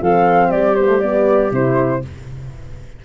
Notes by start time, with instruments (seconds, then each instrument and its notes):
0.00 tuba F3, horn C4, clarinet A4, flute F5
0.49 tuba G3, clarinet G4, flute D5
0.75 horn B3, flute C5
0.87 horn A3
1.00 horn B3, flute D5
1.51 tuba C3, horn E4, flute C5